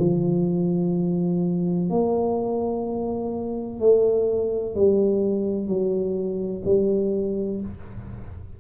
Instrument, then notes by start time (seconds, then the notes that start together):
tuba
0.00 F3
1.90 A#3
3.80 A3
4.75 G3
5.68 F#3
6.65 G3